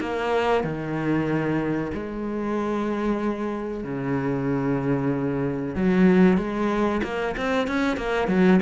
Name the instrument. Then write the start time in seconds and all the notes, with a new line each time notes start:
cello
0.00 A#3
0.64 D#3
1.94 G#3
3.84 C#3
5.76 F#3
6.37 G#3
7.03 A#3
7.37 C4
7.67 C#4
7.97 A#3
8.28 F#3